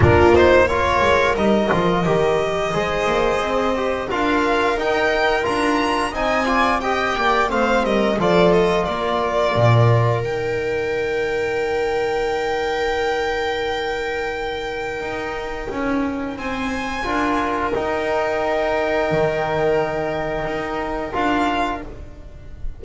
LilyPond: <<
  \new Staff \with { instrumentName = "violin" } { \time 4/4 \tempo 4 = 88 ais'8 c''8 cis''4 dis''2~ | dis''2 f''4 g''4 | ais''4 gis''4 g''4 f''8 dis''8 | d''8 dis''8 d''2 g''4~ |
g''1~ | g''1 | gis''2 g''2~ | g''2. f''4 | }
  \new Staff \with { instrumentName = "viola" } { \time 4/4 f'4 ais'2. | c''2 ais'2~ | ais'4 dis''8 d''8 dis''8 d''8 c''8 ais'8 | a'4 ais'2.~ |
ais'1~ | ais'1 | c''4 ais'2.~ | ais'1 | }
  \new Staff \with { instrumentName = "trombone" } { \time 4/4 d'8 dis'8 f'4 dis'8 f'8 g'4 | gis'4. g'8 f'4 dis'4 | f'4 dis'8 f'8 g'4 c'4 | f'2. dis'4~ |
dis'1~ | dis'1~ | dis'4 f'4 dis'2~ | dis'2. f'4 | }
  \new Staff \with { instrumentName = "double bass" } { \time 4/4 ais4. gis8 g8 f8 dis4 | gis8 ais8 c'4 d'4 dis'4 | d'4 c'4. ais8 a8 g8 | f4 ais4 ais,4 dis4~ |
dis1~ | dis2 dis'4 cis'4 | c'4 d'4 dis'2 | dis2 dis'4 d'4 | }
>>